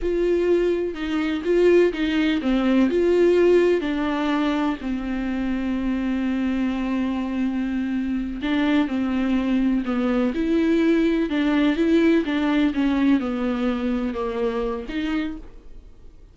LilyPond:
\new Staff \with { instrumentName = "viola" } { \time 4/4 \tempo 4 = 125 f'2 dis'4 f'4 | dis'4 c'4 f'2 | d'2 c'2~ | c'1~ |
c'4. d'4 c'4.~ | c'8 b4 e'2 d'8~ | d'8 e'4 d'4 cis'4 b8~ | b4. ais4. dis'4 | }